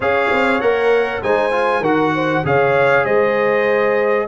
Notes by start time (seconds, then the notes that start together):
0.00 C#4 G#4 C#5 F5
0.31 C4
0.60 A#3 A#4 F#5
1.22 G#3 D#4 C5 G#5
1.51 F4
1.80 D#3 F#4 A#4 F#5
2.15 C5
2.44 C#3 G#4 C#5 F5
3.04 G#3 C5 D#5